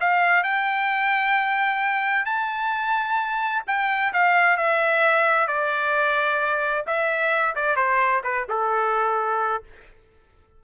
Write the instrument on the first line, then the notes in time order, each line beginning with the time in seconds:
trumpet
0.00 F5
0.43 G5
2.25 A5
3.67 G5
4.13 F5
4.57 E5
5.47 D5
6.86 E5
7.55 D5
7.76 C5
8.24 B4
8.49 A4